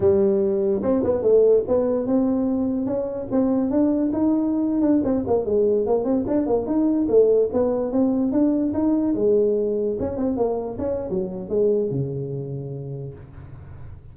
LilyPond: \new Staff \with { instrumentName = "tuba" } { \time 4/4 \tempo 4 = 146 g2 c'8 b8 a4 | b4 c'2 cis'4 | c'4 d'4 dis'4.~ dis'16 d'16~ | d'16 c'8 ais8 gis4 ais8 c'8 d'8 ais16~ |
ais16 dis'4 a4 b4 c'8.~ | c'16 d'4 dis'4 gis4.~ gis16~ | gis16 cis'8 c'8 ais4 cis'8. fis4 | gis4 cis2. | }